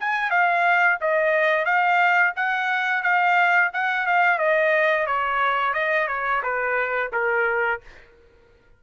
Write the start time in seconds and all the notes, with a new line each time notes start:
0.00 G#5
0.30 F5
1.01 D#5
1.65 F5
2.36 F#5
3.03 F5
3.73 F#5
4.06 F5
4.39 D#5
5.06 C#5
5.74 D#5
6.08 C#5
6.43 B4
7.12 A#4